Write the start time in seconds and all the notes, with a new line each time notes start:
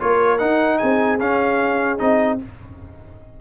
0.00 A#3 F4 A#4 C#5
0.39 D#4 F#5
0.79 C4 G#4 G#5
1.20 C#4 F5
1.99 C4 D#4 D#5